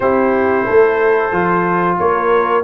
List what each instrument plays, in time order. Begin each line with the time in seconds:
0.00 tuba C4, trombone E4, horn G4, trumpet C5
0.65 tuba A3, horn A4
1.32 tuba F3, trombone F4
1.98 tuba A#3, horn A#4, trumpet C#5